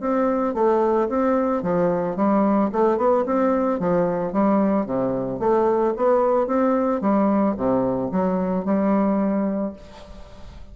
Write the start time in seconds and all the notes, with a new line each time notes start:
0.00 C4
0.54 A3
1.08 C4
1.62 F3
2.16 G3
2.72 A3
2.97 B3
3.26 C4
3.79 F3
4.32 G3
4.86 C3
5.39 A3
5.97 B3
6.47 C4
7.01 G3
7.57 C3
8.11 F#3
8.65 G3